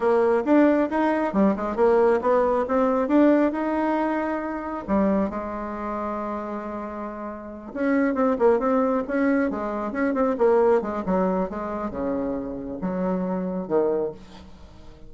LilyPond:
\new Staff \with { instrumentName = "bassoon" } { \time 4/4 \tempo 4 = 136 ais4 d'4 dis'4 g8 gis8 | ais4 b4 c'4 d'4 | dis'2. g4 | gis1~ |
gis4. cis'4 c'8 ais8 c'8~ | c'8 cis'4 gis4 cis'8 c'8 ais8~ | ais8 gis8 fis4 gis4 cis4~ | cis4 fis2 dis4 | }